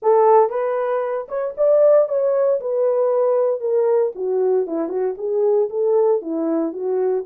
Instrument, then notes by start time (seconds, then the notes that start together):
horn
0.02 A4
0.49 B4
1.28 C#5
1.57 D5
2.08 C#5
2.60 B4
3.60 A#4
4.15 F#4
4.67 E4
4.89 F#4
5.17 G#4
5.69 A4
6.21 E4
6.72 F#4